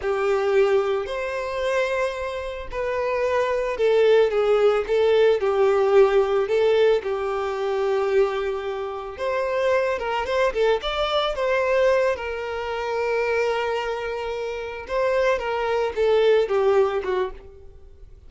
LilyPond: \new Staff \with { instrumentName = "violin" } { \time 4/4 \tempo 4 = 111 g'2 c''2~ | c''4 b'2 a'4 | gis'4 a'4 g'2 | a'4 g'2.~ |
g'4 c''4. ais'8 c''8 a'8 | d''4 c''4. ais'4.~ | ais'2.~ ais'8 c''8~ | c''8 ais'4 a'4 g'4 fis'8 | }